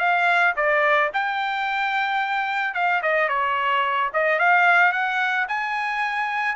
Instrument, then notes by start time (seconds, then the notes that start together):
trumpet
0.00 F5
0.57 D5
1.14 G5
2.74 F5
3.02 D#5
3.29 C#5
4.14 D#5
4.39 F5
4.93 F#5
5.48 G#5